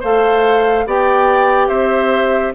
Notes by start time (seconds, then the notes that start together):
0.00 A3 A4 C5 F5
0.86 B3 G4 D5 G5
1.68 C4 C5 E5